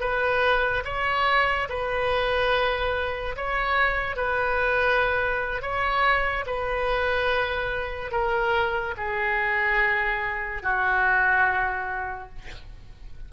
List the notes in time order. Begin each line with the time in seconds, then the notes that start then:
0.00 B4
0.84 C#5
1.69 B4
3.36 C#5
4.16 B4
5.62 C#5
6.46 B4
8.11 A#4
8.97 G#4
10.62 F#4